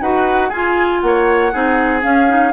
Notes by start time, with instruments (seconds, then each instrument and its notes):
0.00 bassoon D#4, clarinet F#4, oboe B4, flute F#5
0.48 bassoon F4, oboe G#4, flute G#5
0.54 clarinet F4
1.00 bassoon A#3, oboe C#5, flute F#5
1.52 bassoon C4, clarinet D#4, oboe G#4
2.01 clarinet C#4, bassoon C#4, flute F5
2.28 clarinet D#4